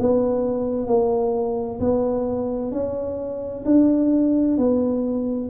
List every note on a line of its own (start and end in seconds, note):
0.00 0.88 B3
0.88 1.80 A#3
1.80 2.72 B3
2.72 3.65 C#4
3.65 4.58 D4
4.58 5.50 B3